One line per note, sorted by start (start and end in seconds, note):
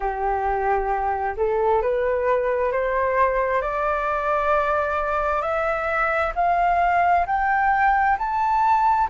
0.00 1.35 G4
1.36 1.82 A4
1.82 2.72 B4
2.72 3.61 C5
3.61 5.42 D5
5.42 6.33 E5
6.35 7.26 F5
7.26 8.17 G5
8.18 9.09 A5